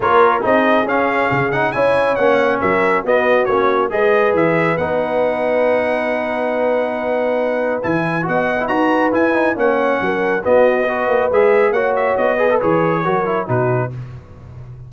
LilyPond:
<<
  \new Staff \with { instrumentName = "trumpet" } { \time 4/4 \tempo 4 = 138 cis''4 dis''4 f''4. fis''8 | gis''4 fis''4 e''4 dis''4 | cis''4 dis''4 e''4 fis''4~ | fis''1~ |
fis''2 gis''4 fis''4 | ais''4 gis''4 fis''2 | dis''2 e''4 fis''8 e''8 | dis''4 cis''2 b'4 | }
  \new Staff \with { instrumentName = "horn" } { \time 4/4 ais'4 gis'2. | cis''2 ais'4 fis'4~ | fis'4 b'2.~ | b'1~ |
b'2. dis''4 | b'2 cis''4 ais'4 | fis'4 b'2 cis''4~ | cis''8 b'4. ais'4 fis'4 | }
  \new Staff \with { instrumentName = "trombone" } { \time 4/4 f'4 dis'4 cis'4. dis'8 | e'4 cis'2 b4 | cis'4 gis'2 dis'4~ | dis'1~ |
dis'2 e'4 fis'8. e'16 | fis'4 e'8 dis'8 cis'2 | b4 fis'4 gis'4 fis'4~ | fis'8 gis'16 a'16 gis'4 fis'8 e'8 dis'4 | }
  \new Staff \with { instrumentName = "tuba" } { \time 4/4 ais4 c'4 cis'4 cis4 | cis'4 ais4 fis4 b4 | ais4 gis4 e4 b4~ | b1~ |
b2 e4 b4 | dis'4 e'4 ais4 fis4 | b4. ais8 gis4 ais4 | b4 e4 fis4 b,4 | }
>>